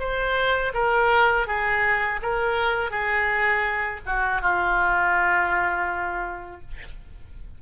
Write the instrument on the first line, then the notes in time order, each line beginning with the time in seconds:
oboe
0.00 C5
0.74 A#4
1.47 G#4
2.23 A#4
2.91 G#4
4.06 F#4
4.42 F4